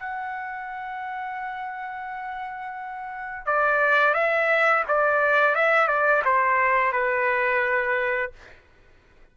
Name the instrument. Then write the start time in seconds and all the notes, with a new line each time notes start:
trumpet
0.00 F#5
3.47 D5
4.14 E5
4.88 D5
5.56 E5
5.88 D5
6.25 C5
6.93 B4